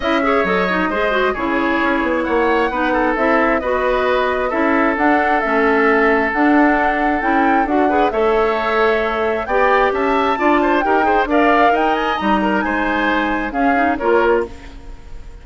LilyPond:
<<
  \new Staff \with { instrumentName = "flute" } { \time 4/4 \tempo 4 = 133 e''4 dis''2 cis''4~ | cis''4 fis''2 e''4 | dis''2 e''4 fis''4 | e''2 fis''2 |
g''4 fis''4 e''2~ | e''4 g''4 a''2 | g''4 f''4 g''8 gis''8 ais''4 | gis''2 f''4 cis''4 | }
  \new Staff \with { instrumentName = "oboe" } { \time 4/4 dis''8 cis''4. c''4 gis'4~ | gis'4 cis''4 b'8 a'4. | b'2 a'2~ | a'1~ |
a'4. b'8 cis''2~ | cis''4 d''4 e''4 d''8 c''8 | ais'8 c''8 d''4 dis''4. ais'8 | c''2 gis'4 ais'4 | }
  \new Staff \with { instrumentName = "clarinet" } { \time 4/4 e'8 gis'8 a'8 dis'8 gis'8 fis'8 e'4~ | e'2 dis'4 e'4 | fis'2 e'4 d'4 | cis'2 d'2 |
e'4 fis'8 gis'8 a'2~ | a'4 g'2 f'4 | g'8 gis'8 ais'2 dis'4~ | dis'2 cis'8 dis'8 f'4 | }
  \new Staff \with { instrumentName = "bassoon" } { \time 4/4 cis'4 fis4 gis4 cis4 | cis'8 b8 ais4 b4 c'4 | b2 cis'4 d'4 | a2 d'2 |
cis'4 d'4 a2~ | a4 b4 cis'4 d'4 | dis'4 d'4 dis'4 g4 | gis2 cis'4 ais4 | }
>>